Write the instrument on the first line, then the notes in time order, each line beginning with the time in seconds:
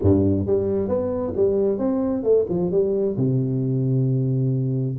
tuba
0.01 G2
0.46 G3
0.88 B3
1.36 G3
1.78 C4
2.23 A3
2.49 F3
2.71 G3
3.16 C3